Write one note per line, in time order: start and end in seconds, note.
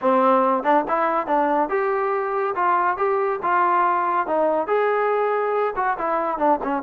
0.01 0.63 C4
0.63 0.84 D4
0.87 1.27 E4
1.27 1.69 D4
1.69 2.54 G4
2.55 2.97 F4
2.97 3.39 G4
3.42 4.26 F4
4.26 4.67 D#4
4.67 5.73 G#4
5.76 5.97 F#4
5.97 6.38 E4
6.38 6.59 D4
6.63 6.82 C#4